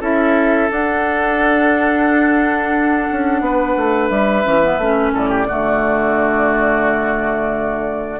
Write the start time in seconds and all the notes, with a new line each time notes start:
0.00 C#4 E4 A4 E5
0.70 D4 F#5
3.11 C#4
3.40 B3 B4
3.76 A3
4.09 G3 E5
4.43 E3 C#4
4.62 B3
4.77 A3 C#4
5.13 A2 A4 D5
5.29 G4
5.47 D3 A3 F#4